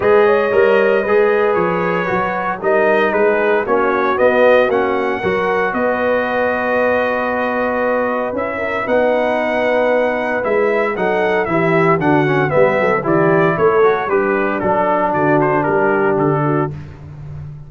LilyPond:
<<
  \new Staff \with { instrumentName = "trumpet" } { \time 4/4 \tempo 4 = 115 dis''2. cis''4~ | cis''4 dis''4 b'4 cis''4 | dis''4 fis''2 dis''4~ | dis''1 |
e''4 fis''2. | e''4 fis''4 e''4 fis''4 | e''4 d''4 cis''4 b'4 | a'4 d''8 c''8 ais'4 a'4 | }
  \new Staff \with { instrumentName = "horn" } { \time 4/4 b'8 cis''4. b'2~ | b'4 ais'4 gis'4 fis'4~ | fis'2 ais'4 b'4~ | b'1~ |
b'8 ais'8 b'2.~ | b'4 a'4 g'4 fis'4 | b'8 a'8 g'4 a'4 d'4~ | d'4 fis'4 g'4. fis'8 | }
  \new Staff \with { instrumentName = "trombone" } { \time 4/4 gis'4 ais'4 gis'2 | fis'4 dis'2 cis'4 | b4 cis'4 fis'2~ | fis'1 |
e'4 dis'2. | e'4 dis'4 e'4 d'8 cis'8 | b4 e'4. fis'8 g'4 | d'1 | }
  \new Staff \with { instrumentName = "tuba" } { \time 4/4 gis4 g4 gis4 f4 | fis4 g4 gis4 ais4 | b4 ais4 fis4 b4~ | b1 |
cis'4 b2. | gis4 fis4 e4 d4 | g8 fis8 e4 a4 g4 | fis4 d4 g4 d4 | }
>>